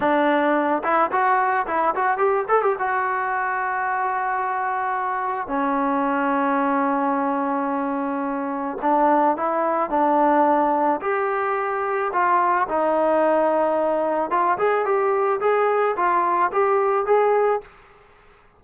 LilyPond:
\new Staff \with { instrumentName = "trombone" } { \time 4/4 \tempo 4 = 109 d'4. e'8 fis'4 e'8 fis'8 | g'8 a'16 g'16 fis'2.~ | fis'2 cis'2~ | cis'1 |
d'4 e'4 d'2 | g'2 f'4 dis'4~ | dis'2 f'8 gis'8 g'4 | gis'4 f'4 g'4 gis'4 | }